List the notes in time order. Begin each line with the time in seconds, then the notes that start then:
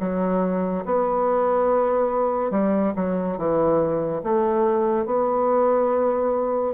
0.00 F#3
0.85 B3
2.51 G3
2.96 F#3
3.38 E3
4.24 A3
5.06 B3